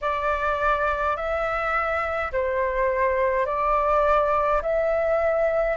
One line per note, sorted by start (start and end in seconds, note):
0.01 1.16 D5
1.16 2.31 E5
2.31 3.46 C5
3.46 4.61 D5
4.62 5.77 E5